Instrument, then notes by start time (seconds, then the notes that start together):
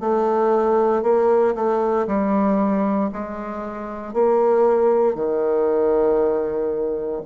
bassoon
0.00 A3
1.03 A#3
1.55 A3
2.07 G3
3.13 G#3
4.13 A#3
5.15 D#3